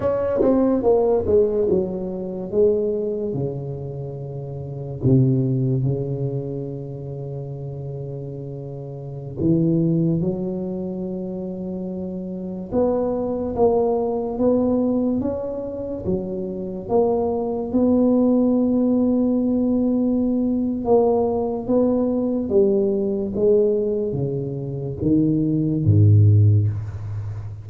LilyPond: \new Staff \with { instrumentName = "tuba" } { \time 4/4 \tempo 4 = 72 cis'8 c'8 ais8 gis8 fis4 gis4 | cis2 c4 cis4~ | cis2.~ cis16 e8.~ | e16 fis2. b8.~ |
b16 ais4 b4 cis'4 fis8.~ | fis16 ais4 b2~ b8.~ | b4 ais4 b4 g4 | gis4 cis4 dis4 gis,4 | }